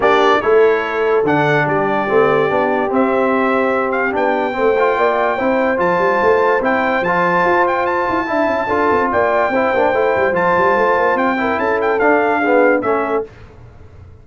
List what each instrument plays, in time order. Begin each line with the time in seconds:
0.00 tuba A#3, trombone D4, horn G4, trumpet D5
0.41 tuba A3, trombone E4, horn A4, trumpet C#5
1.23 tuba D3, trombone D4, trumpet F#5
1.65 tuba G3, horn G4, trumpet D5
2.08 tuba A3, trombone C4
2.48 tuba B3, trombone D4
2.88 trombone C4, tuba C4, trumpet E5
3.91 trumpet F5
4.11 tuba B3, trombone D4, trumpet G5
4.52 tuba A3, trombone C4, horn C5
4.78 trombone F4
4.96 tuba A#3, horn D5
5.36 tuba C4, trombone E4, horn C5
5.77 tuba F3, trombone F4, trumpet A5
5.98 tuba G3
6.21 tuba A3
6.60 tuba C4, trombone E4, trumpet G5
7.01 tuba F3, trombone F4, trumpet A5
7.44 tuba F4
7.67 trumpet G5
7.86 trumpet A5
8.09 tuba E4
8.26 tuba D4, trombone E4, horn E5
8.47 tuba C#4
8.67 tuba D4, trombone F4, horn A4
8.90 tuba C4
9.11 tuba A#3, horn D5, trumpet G5
9.48 tuba C4, horn C5
9.54 trombone E4
9.73 tuba A#3, trombone D4
9.93 tuba A3, trombone E4
10.16 tuba G3
10.32 tuba F3, trombone F4, trumpet A5
10.56 tuba G3
10.76 tuba A3
10.97 tuba A#3
11.14 tuba C4, trumpet G5
11.37 trombone E4, horn A#4
11.58 tuba C#4, horn A4, trumpet A5
11.81 trumpet G5
11.99 tuba D4, trombone D4, trumpet F5
12.39 horn G#4
12.45 trombone B3
12.81 tuba A3, trombone C#4, horn A4, trumpet E5